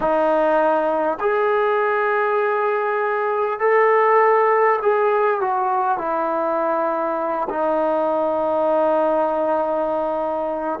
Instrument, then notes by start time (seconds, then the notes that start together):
trombone
0.00 D#4
1.20 G#4
3.59 A4
4.82 G#4
5.41 F#4
5.97 E4
7.49 D#4